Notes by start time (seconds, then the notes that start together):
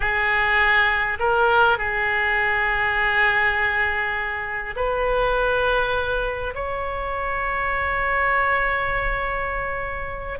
0.00 G#4
1.19 A#4
1.78 G#4
4.76 B4
6.55 C#5